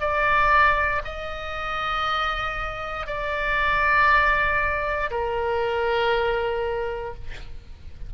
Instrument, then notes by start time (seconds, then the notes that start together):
oboe
0.00 D5
1.04 D#5
3.07 D5
5.11 A#4